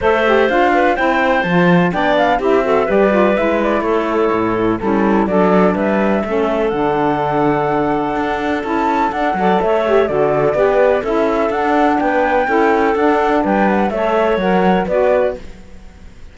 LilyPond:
<<
  \new Staff \with { instrumentName = "flute" } { \time 4/4 \tempo 4 = 125 e''4 f''4 g''4 a''4 | g''8 f''8 e''4 d''4 e''8 d''8 | cis''2 a'4 d''4 | e''2 fis''2~ |
fis''2 a''4 fis''4 | e''4 d''2 e''4 | fis''4 g''2 fis''4 | g''8 fis''8 e''4 fis''4 d''4 | }
  \new Staff \with { instrumentName = "clarinet" } { \time 4/4 c''4. b'8 c''2 | d''4 g'8 a'8 b'2 | a'2 e'4 a'4 | b'4 a'2.~ |
a'2.~ a'8 d''8 | cis''4 a'4 b'4 a'4~ | a'4 b'4 a'2 | b'4 cis''2 b'4 | }
  \new Staff \with { instrumentName = "saxophone" } { \time 4/4 a'8 g'8 f'4 e'4 f'4 | d'4 e'8 fis'8 g'8 f'8 e'4~ | e'2 cis'4 d'4~ | d'4 cis'4 d'2~ |
d'2 e'4 d'8 a'8~ | a'8 g'8 fis'4 g'4 e'4 | d'2 e'4 d'4~ | d'4 a'4 ais'4 fis'4 | }
  \new Staff \with { instrumentName = "cello" } { \time 4/4 a4 d'4 c'4 f4 | b4 c'4 g4 gis4 | a4 a,4 g4 fis4 | g4 a4 d2~ |
d4 d'4 cis'4 d'8 fis8 | a4 d4 b4 cis'4 | d'4 b4 cis'4 d'4 | g4 a4 fis4 b4 | }
>>